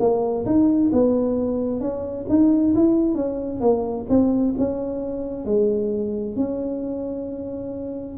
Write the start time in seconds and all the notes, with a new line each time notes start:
0.00 A#3
0.46 D#4
0.93 B3
1.81 C#4
2.29 D#4
2.75 E4
3.15 C#4
3.61 A#3
4.10 C4
4.59 C#4
5.45 G#3
6.36 C#4